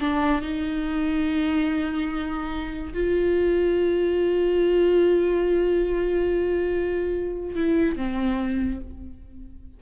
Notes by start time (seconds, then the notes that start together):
0.00 D4
0.41 D#4
2.94 F4
7.55 E4
7.96 C4